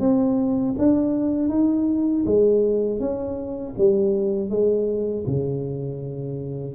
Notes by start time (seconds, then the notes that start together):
0.00 C4
0.79 D4
1.49 D#4
2.26 G#3
3.00 C#4
3.78 G3
4.50 G#3
5.27 C#3